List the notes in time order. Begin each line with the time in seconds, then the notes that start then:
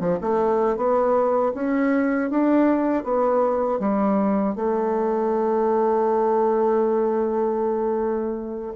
0.00 F3
0.21 A3
0.77 B3
1.55 C#4
2.31 D4
3.04 B3
3.80 G3
4.56 A3